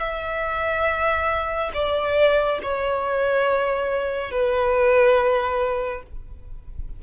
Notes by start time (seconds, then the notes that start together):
0.00 E5
1.74 D5
2.63 C#5
4.31 B4